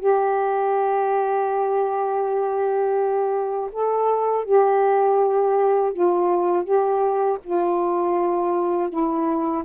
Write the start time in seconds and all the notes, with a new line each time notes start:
0.00 G4
3.72 A4
4.45 G4
5.93 F4
6.64 G4
7.44 F4
8.90 E4